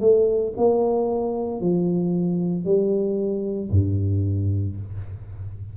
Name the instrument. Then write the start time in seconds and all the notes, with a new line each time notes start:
tuba
0.00 A3
0.57 A#3
1.60 F3
2.64 G3
3.70 G2